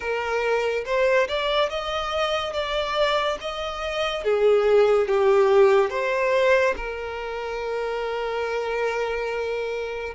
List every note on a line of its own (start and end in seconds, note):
0.00 0.84 A#4
0.85 1.27 C5
1.28 1.69 D5
1.69 2.53 D#5
2.53 3.38 D5
3.40 4.24 D#5
4.24 5.07 G#4
5.07 5.89 G4
5.89 6.74 C5
6.76 10.14 A#4